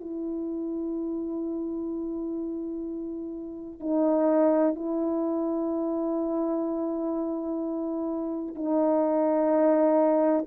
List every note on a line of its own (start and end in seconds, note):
0.00 3.80 E4
3.80 4.75 D#4
4.75 8.55 E4
8.55 10.45 D#4